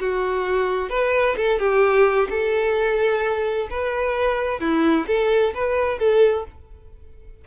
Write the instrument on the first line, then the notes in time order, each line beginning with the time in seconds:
violin
0.00 F#4
0.90 B4
1.37 A4
1.59 G4
2.30 A4
3.70 B4
4.60 E4
5.07 A4
5.54 B4
5.99 A4